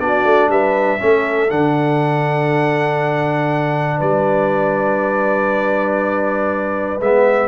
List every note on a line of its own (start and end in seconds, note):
0.00 0.25 B3
0.00 1.00 D4
0.00 0.51 F#4
0.00 0.50 D5
0.25 0.49 A3
0.49 0.99 G3
0.49 1.01 B4
0.49 1.51 E5
1.00 1.51 A3
1.00 1.50 C#4
1.00 3.97 A4
1.51 4.01 D3
1.51 7.01 D4
1.51 4.01 F#5
3.97 7.01 G3
3.97 7.47 B4
3.97 7.01 D5
7.01 7.49 G#3
7.01 7.49 B3
7.01 7.49 E5